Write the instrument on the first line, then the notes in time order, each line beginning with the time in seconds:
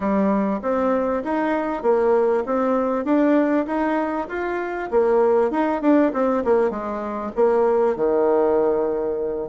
bassoon
0.00 G3
0.62 C4
1.24 D#4
1.82 A#3
2.45 C4
3.04 D4
3.66 D#4
4.28 F4
4.91 A#3
5.50 D#4
5.81 D4
6.13 C4
6.44 A#3
6.70 G#3
7.35 A#3
7.95 D#3